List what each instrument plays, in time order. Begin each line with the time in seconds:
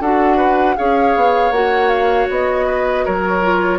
0.00 bassoon D4, clarinet F#4, oboe A4, flute F#5
0.37 oboe B4
0.77 bassoon C#4, clarinet G#4, oboe C#5, flute F5
1.16 bassoon B3
1.51 bassoon A#3, clarinet F#4, flute F#5
1.89 flute F5
2.30 bassoon B3, flute D#5
2.66 oboe B4
3.05 bassoon F#3, oboe A#4, flute C#5
3.42 clarinet F4